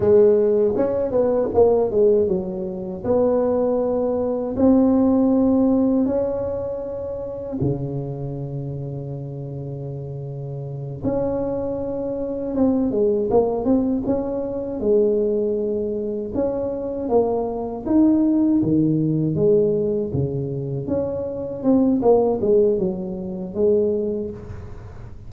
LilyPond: \new Staff \with { instrumentName = "tuba" } { \time 4/4 \tempo 4 = 79 gis4 cis'8 b8 ais8 gis8 fis4 | b2 c'2 | cis'2 cis2~ | cis2~ cis8 cis'4.~ |
cis'8 c'8 gis8 ais8 c'8 cis'4 gis8~ | gis4. cis'4 ais4 dis'8~ | dis'8 dis4 gis4 cis4 cis'8~ | cis'8 c'8 ais8 gis8 fis4 gis4 | }